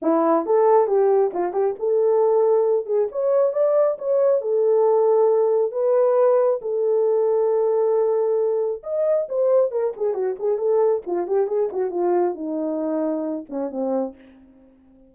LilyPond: \new Staff \with { instrumentName = "horn" } { \time 4/4 \tempo 4 = 136 e'4 a'4 g'4 f'8 g'8 | a'2~ a'8 gis'8 cis''4 | d''4 cis''4 a'2~ | a'4 b'2 a'4~ |
a'1 | dis''4 c''4 ais'8 gis'8 fis'8 gis'8 | a'4 f'8 g'8 gis'8 fis'8 f'4 | dis'2~ dis'8 cis'8 c'4 | }